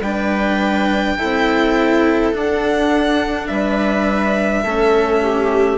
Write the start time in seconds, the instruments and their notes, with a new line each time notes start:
0.00 bassoon G3, cello D4, viola B4, violin G5
1.18 bassoon C4, cello E4, viola A4
2.32 cello D4, bassoon D4, violin F#5
3.47 bassoon G3, viola B4, violin E5
4.63 bassoon A3, cello C#4, viola A4
5.22 viola G4